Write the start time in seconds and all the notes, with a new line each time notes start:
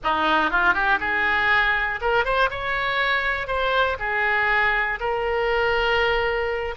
0.03 D#4
0.50 F4
0.73 G4
1.00 G#4
2.01 A#4
2.24 C5
2.50 C#5
3.47 C5
3.99 G#4
5.00 A#4